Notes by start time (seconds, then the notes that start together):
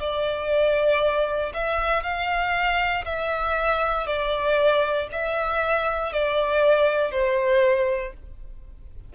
0.00 D5
1.53 E5
2.03 F5
3.05 E5
4.06 D5
5.12 E5
6.12 D5
7.11 C5